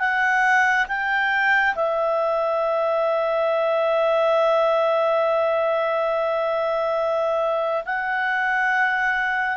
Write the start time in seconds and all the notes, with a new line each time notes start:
0.00 F#5
0.88 G5
1.75 E5
7.85 F#5